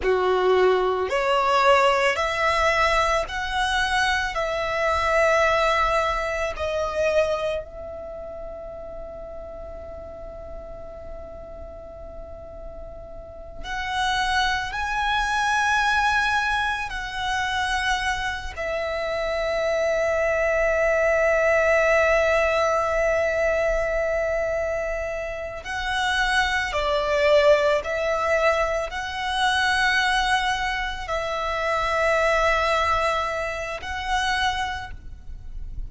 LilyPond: \new Staff \with { instrumentName = "violin" } { \time 4/4 \tempo 4 = 55 fis'4 cis''4 e''4 fis''4 | e''2 dis''4 e''4~ | e''1~ | e''8 fis''4 gis''2 fis''8~ |
fis''4 e''2.~ | e''2.~ e''8 fis''8~ | fis''8 d''4 e''4 fis''4.~ | fis''8 e''2~ e''8 fis''4 | }